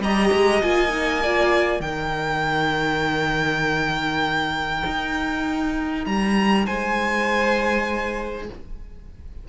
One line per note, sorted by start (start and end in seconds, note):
0.00 0.30 G3
0.00 0.63 G4
0.00 1.23 D#5
0.00 0.62 A#5
0.33 0.63 G#3
0.62 1.80 A#3
0.62 0.90 F4
0.62 1.81 G#5
0.90 1.20 D#4
1.23 1.82 F4
1.23 1.83 D5
1.80 4.83 D#3
1.80 8.49 D#4
1.80 6.66 A#4
1.80 6.06 G5
4.87 6.07 D#4
6.06 6.67 G3
6.06 6.67 A#5
6.66 8.50 G#3
6.66 8.48 C5
6.66 8.48 G#5